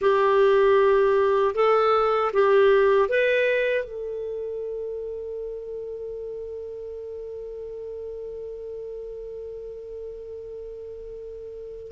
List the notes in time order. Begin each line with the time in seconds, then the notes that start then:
0.01 G4
1.54 A4
2.33 G4
3.08 B4
3.84 A4